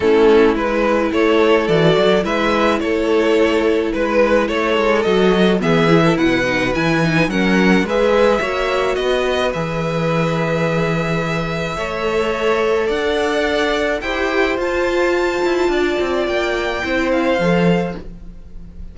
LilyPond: <<
  \new Staff \with { instrumentName = "violin" } { \time 4/4 \tempo 4 = 107 a'4 b'4 cis''4 d''4 | e''4 cis''2 b'4 | cis''4 dis''4 e''4 fis''4 | gis''4 fis''4 e''2 |
dis''4 e''2.~ | e''2. fis''4~ | fis''4 g''4 a''2~ | a''4 g''4. f''4. | }
  \new Staff \with { instrumentName = "violin" } { \time 4/4 e'2 a'2 | b'4 a'2 b'4 | a'2 gis'8. a'16 b'4~ | b'4 ais'4 b'4 cis''4 |
b'1~ | b'4 cis''2 d''4~ | d''4 c''2. | d''2 c''2 | }
  \new Staff \with { instrumentName = "viola" } { \time 4/4 cis'4 e'2 fis'4 | e'1~ | e'4 fis'4 b8 e'4 dis'8 | e'8 dis'8 cis'4 gis'4 fis'4~ |
fis'4 gis'2.~ | gis'4 a'2.~ | a'4 g'4 f'2~ | f'2 e'4 a'4 | }
  \new Staff \with { instrumentName = "cello" } { \time 4/4 a4 gis4 a4 e8 fis8 | gis4 a2 gis4 | a8 gis8 fis4 e4 b,4 | e4 fis4 gis4 ais4 |
b4 e2.~ | e4 a2 d'4~ | d'4 e'4 f'4. e'8 | d'8 c'8 ais4 c'4 f4 | }
>>